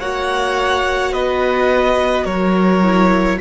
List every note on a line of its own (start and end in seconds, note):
0.00 1.13 A#3
0.00 2.83 F#4
0.00 1.13 C#5
0.00 1.13 F#5
1.13 2.26 B3
1.13 2.25 B4
1.13 2.25 D#5
2.25 3.39 F#3
2.25 3.39 A#4
2.25 3.38 C#5
2.83 3.40 E4